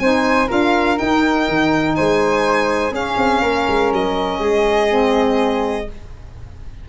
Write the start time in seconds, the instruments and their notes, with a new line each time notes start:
0.00 tuba C4, saxophone D#4, flute C5, violin G#5
0.47 tuba D4, saxophone F4, flute A#4, violin F5
0.96 saxophone D#4, violin G5
1.02 tuba D#4
1.49 tuba D#3
1.96 tuba G#3, flute C5, violin G#5
2.92 tuba C#4, saxophone C#4, flute G#4, violin F5
3.18 tuba C4
3.41 tuba A#3, flute A#4
3.68 tuba G#3
3.92 tuba F#3, violin D#5
4.40 tuba G#3, flute G#4
4.89 saxophone C4